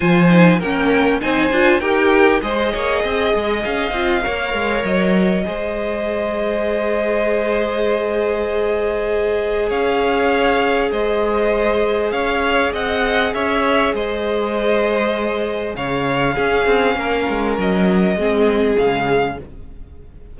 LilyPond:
<<
  \new Staff \with { instrumentName = "violin" } { \time 4/4 \tempo 4 = 99 gis''4 g''4 gis''4 g''4 | dis''2 f''2 | dis''1~ | dis''1 |
f''2 dis''2 | f''4 fis''4 e''4 dis''4~ | dis''2 f''2~ | f''4 dis''2 f''4 | }
  \new Staff \with { instrumentName = "violin" } { \time 4/4 c''4 ais'4 c''4 ais'4 | c''8 cis''8 dis''2 cis''4~ | cis''4 c''2.~ | c''1 |
cis''2 c''2 | cis''4 dis''4 cis''4 c''4~ | c''2 cis''4 gis'4 | ais'2 gis'2 | }
  \new Staff \with { instrumentName = "viola" } { \time 4/4 f'8 dis'8 cis'4 dis'8 f'8 g'4 | gis'2~ gis'8 f'8 ais'4~ | ais'4 gis'2.~ | gis'1~ |
gis'1~ | gis'1~ | gis'2. cis'4~ | cis'2 c'4 gis4 | }
  \new Staff \with { instrumentName = "cello" } { \time 4/4 f4 ais4 c'8 d'8 dis'4 | gis8 ais8 c'8 gis8 cis'8 c'8 ais8 gis8 | fis4 gis2.~ | gis1 |
cis'2 gis2 | cis'4 c'4 cis'4 gis4~ | gis2 cis4 cis'8 c'8 | ais8 gis8 fis4 gis4 cis4 | }
>>